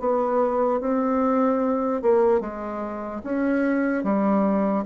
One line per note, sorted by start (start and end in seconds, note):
0.00 0.81 B3
0.81 2.02 C4
2.02 2.41 A#3
2.41 3.22 G#3
3.24 4.04 C#4
4.04 4.85 G3